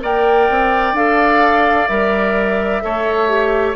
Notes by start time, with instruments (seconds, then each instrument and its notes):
0.00 bassoon A#3, clarinet A#4, oboe D5, flute G5
0.49 bassoon C4
0.92 bassoon D4, clarinet A4, flute F5
1.88 bassoon G3, clarinet A#4, flute E5
2.81 bassoon A3, clarinet A4, oboe C#5
3.28 clarinet G4